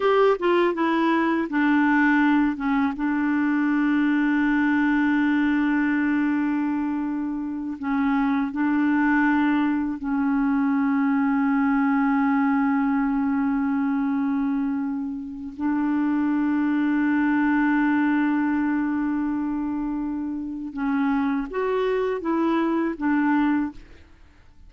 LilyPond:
\new Staff \with { instrumentName = "clarinet" } { \time 4/4 \tempo 4 = 81 g'8 f'8 e'4 d'4. cis'8 | d'1~ | d'2~ d'8 cis'4 d'8~ | d'4. cis'2~ cis'8~ |
cis'1~ | cis'4 d'2.~ | d'1 | cis'4 fis'4 e'4 d'4 | }